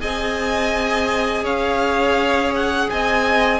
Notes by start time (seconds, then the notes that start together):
0.00 C4 G#4 D#5 G#5
1.43 C#4 C#5 F5
2.55 F#5
2.90 C4 D#5 G#5